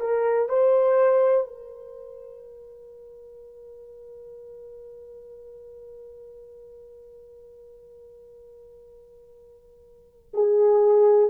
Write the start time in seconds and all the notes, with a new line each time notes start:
0.00 A#4
0.49 C5
1.47 A#4
10.34 G#4